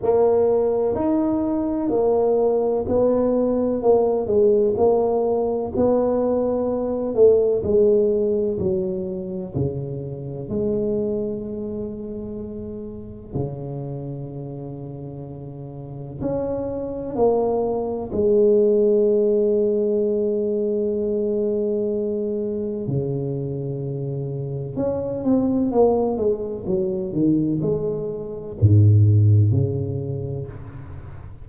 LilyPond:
\new Staff \with { instrumentName = "tuba" } { \time 4/4 \tempo 4 = 63 ais4 dis'4 ais4 b4 | ais8 gis8 ais4 b4. a8 | gis4 fis4 cis4 gis4~ | gis2 cis2~ |
cis4 cis'4 ais4 gis4~ | gis1 | cis2 cis'8 c'8 ais8 gis8 | fis8 dis8 gis4 gis,4 cis4 | }